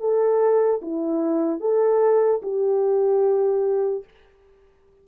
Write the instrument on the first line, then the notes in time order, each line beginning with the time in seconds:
horn
0.00 A4
0.82 E4
1.61 A4
2.42 G4